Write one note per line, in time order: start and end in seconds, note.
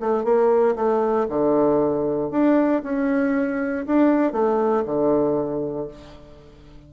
0.00 0.24 A3
0.24 0.75 A#3
0.76 1.27 A3
1.29 2.31 D3
2.31 2.82 D4
2.83 3.86 C#4
3.86 4.32 D4
4.32 4.84 A3
4.85 5.88 D3